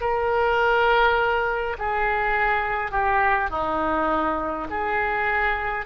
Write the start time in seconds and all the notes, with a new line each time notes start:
0.00 A#4
1.78 G#4
2.91 G4
3.50 D#4
4.70 G#4